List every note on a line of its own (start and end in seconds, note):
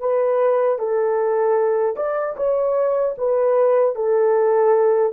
0.00 0.79 B4
0.79 1.97 A4
1.97 2.36 D5
2.36 3.15 C#5
3.18 3.96 B4
3.96 5.13 A4